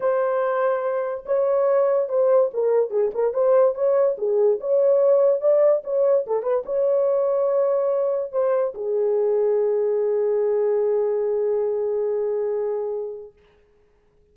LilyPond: \new Staff \with { instrumentName = "horn" } { \time 4/4 \tempo 4 = 144 c''2. cis''4~ | cis''4 c''4 ais'4 gis'8 ais'8 | c''4 cis''4 gis'4 cis''4~ | cis''4 d''4 cis''4 a'8 b'8 |
cis''1 | c''4 gis'2.~ | gis'1~ | gis'1 | }